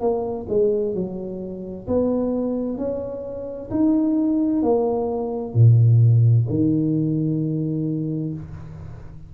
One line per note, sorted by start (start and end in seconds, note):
0.00 0.46 A#3
0.49 0.94 G#3
0.94 1.86 F#3
1.87 2.77 B3
2.77 3.70 C#4
3.70 4.62 D#4
4.62 5.54 A#3
5.54 6.46 A#2
6.49 8.34 D#3